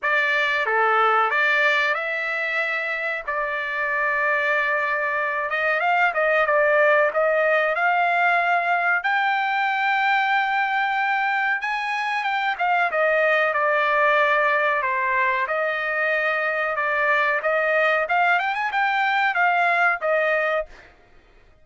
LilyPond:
\new Staff \with { instrumentName = "trumpet" } { \time 4/4 \tempo 4 = 93 d''4 a'4 d''4 e''4~ | e''4 d''2.~ | d''8 dis''8 f''8 dis''8 d''4 dis''4 | f''2 g''2~ |
g''2 gis''4 g''8 f''8 | dis''4 d''2 c''4 | dis''2 d''4 dis''4 | f''8 g''16 gis''16 g''4 f''4 dis''4 | }